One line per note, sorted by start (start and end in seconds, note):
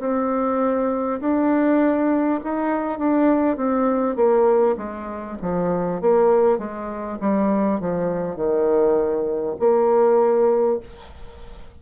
0.00 1.20 C4
1.20 2.40 D4
2.44 2.99 D#4
2.99 3.57 D4
3.57 4.16 C4
4.16 4.76 A#3
4.77 5.37 G#3
5.42 6.01 F3
6.01 6.58 A#3
6.58 7.18 G#3
7.21 7.80 G3
7.80 8.36 F3
8.36 9.56 D#3
9.59 10.79 A#3